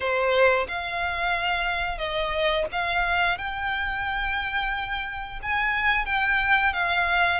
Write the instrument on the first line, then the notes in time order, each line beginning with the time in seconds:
violin
0.00 C5
0.68 F5
1.98 D#5
2.72 F5
3.37 G5
5.42 G#5
6.05 G5
6.73 F5